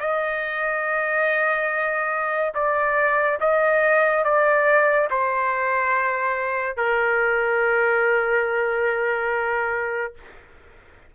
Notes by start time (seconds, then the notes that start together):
0.00 D#5
2.54 D5
3.41 D#5
4.25 D5
5.10 C5
6.77 A#4